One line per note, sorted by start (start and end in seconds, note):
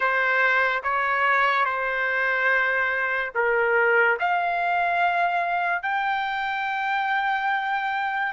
0.00 0.82 C5
0.83 1.65 C#5
1.65 3.31 C5
3.34 4.18 A#4
4.19 5.82 F5
5.82 8.32 G5